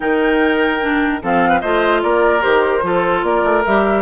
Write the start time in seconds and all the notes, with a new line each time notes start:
0.00 D#3 D#4 A#4 G5
0.81 D4
1.22 F3 C4 A4 F5
1.49 B4
1.61 A3 F4 C5 D#5
2.02 A#3 A#4 D5
2.40 D#3 G4 C5
2.82 F3 F4 A4
3.22 A#3 A#4 D5
3.43 A3
3.65 G3 G4 E5